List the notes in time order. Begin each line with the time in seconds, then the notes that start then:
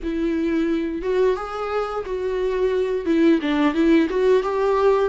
0.03 E4
1.02 F#4
1.36 G#4
2.05 F#4
3.05 E4
3.41 D4
3.73 E4
4.09 F#4
4.42 G4